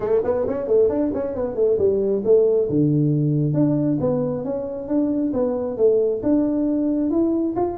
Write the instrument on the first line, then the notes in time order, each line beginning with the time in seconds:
tuba
0.00 A3
0.24 B3
0.47 C#4
0.67 A3
0.89 D4
1.14 C#4
1.35 B3
1.55 A3
1.78 G3
2.24 A3
2.69 D3
3.53 D4
4.00 B3
4.44 C#4
4.87 D4
5.33 B3
5.77 A3
6.23 D4
7.10 E4
7.56 F4